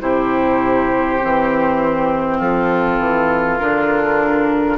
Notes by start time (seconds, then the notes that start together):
0.00 C3 E4 G4 C5
1.20 E3 C4
2.37 F3 F4 A4
2.98 E3
3.58 D3 D4 A#4